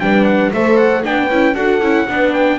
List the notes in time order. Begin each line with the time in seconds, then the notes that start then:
0.00 G3 D4 B4 G5
0.25 F#5
0.53 A3 A4 C5 E5
0.76 F#5
1.03 B3 D4 B4 G5
1.30 C#4 E4
1.54 D4 F#4 A4 F#5
1.81 C#4 E4
2.08 B3 D4 B4
2.33 G5